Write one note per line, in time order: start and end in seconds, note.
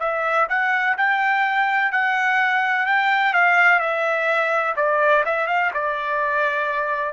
0.00 0.48 E5
0.49 0.97 F#5
0.98 1.92 G5
1.92 2.87 F#5
2.87 3.34 G5
3.34 3.80 F5
3.80 4.75 E5
4.77 5.24 D5
5.26 5.48 E5
5.48 5.71 F5
5.74 7.13 D5